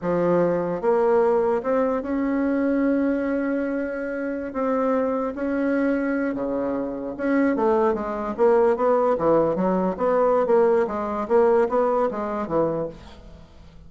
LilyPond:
\new Staff \with { instrumentName = "bassoon" } { \time 4/4 \tempo 4 = 149 f2 ais2 | c'4 cis'2.~ | cis'2.~ cis'16 c'8.~ | c'4~ c'16 cis'2~ cis'8 cis16~ |
cis4.~ cis16 cis'4 a4 gis16~ | gis8. ais4 b4 e4 fis16~ | fis8. b4~ b16 ais4 gis4 | ais4 b4 gis4 e4 | }